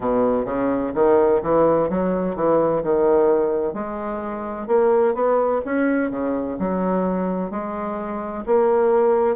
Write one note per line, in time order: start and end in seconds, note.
0.00 0.45 B2
0.45 0.92 C#3
0.94 1.41 D#3
1.42 1.89 E3
1.89 2.35 F#3
2.35 2.82 E3
2.83 3.73 D#3
3.73 4.67 G#3
4.67 5.14 A#3
5.14 5.61 B3
5.65 6.10 C#4
6.10 6.57 C#3
6.58 7.50 F#3
7.50 8.44 G#3
8.46 9.35 A#3